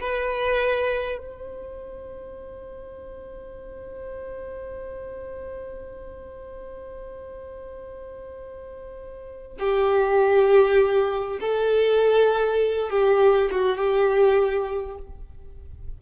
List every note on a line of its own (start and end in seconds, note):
0.00 1.18 B4
1.18 9.58 C5
9.59 11.39 G4
11.40 12.90 A4
12.90 13.50 G4
13.51 13.77 F#4
13.77 14.97 G4